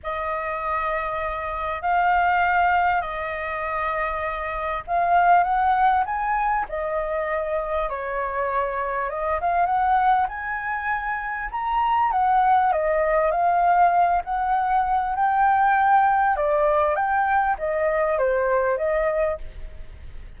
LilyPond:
\new Staff \with { instrumentName = "flute" } { \time 4/4 \tempo 4 = 99 dis''2. f''4~ | f''4 dis''2. | f''4 fis''4 gis''4 dis''4~ | dis''4 cis''2 dis''8 f''8 |
fis''4 gis''2 ais''4 | fis''4 dis''4 f''4. fis''8~ | fis''4 g''2 d''4 | g''4 dis''4 c''4 dis''4 | }